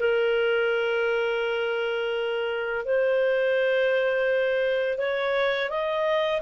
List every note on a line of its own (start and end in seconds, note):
0.00 2.86 A#4
2.86 4.98 C5
4.98 5.70 C#5
5.70 6.41 D#5